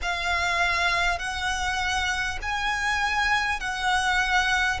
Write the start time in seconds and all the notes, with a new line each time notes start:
0.02 F5
1.18 F#5
2.42 G#5
3.60 F#5